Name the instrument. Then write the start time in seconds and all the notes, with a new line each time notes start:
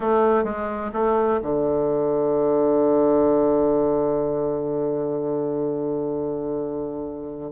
bassoon
0.00 A3
0.43 G#3
0.93 A3
1.42 D3